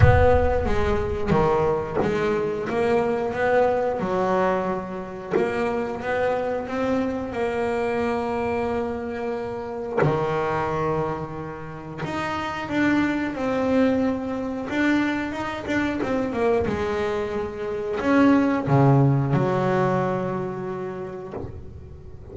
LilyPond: \new Staff \with { instrumentName = "double bass" } { \time 4/4 \tempo 4 = 90 b4 gis4 dis4 gis4 | ais4 b4 fis2 | ais4 b4 c'4 ais4~ | ais2. dis4~ |
dis2 dis'4 d'4 | c'2 d'4 dis'8 d'8 | c'8 ais8 gis2 cis'4 | cis4 fis2. | }